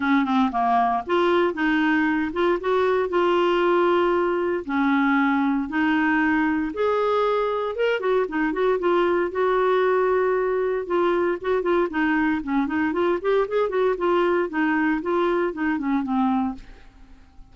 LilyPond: \new Staff \with { instrumentName = "clarinet" } { \time 4/4 \tempo 4 = 116 cis'8 c'8 ais4 f'4 dis'4~ | dis'8 f'8 fis'4 f'2~ | f'4 cis'2 dis'4~ | dis'4 gis'2 ais'8 fis'8 |
dis'8 fis'8 f'4 fis'2~ | fis'4 f'4 fis'8 f'8 dis'4 | cis'8 dis'8 f'8 g'8 gis'8 fis'8 f'4 | dis'4 f'4 dis'8 cis'8 c'4 | }